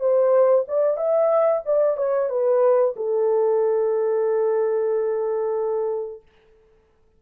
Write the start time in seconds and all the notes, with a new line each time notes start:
0.00 C5
0.68 D5
0.97 E5
1.66 D5
1.97 C#5
2.29 B4
2.96 A4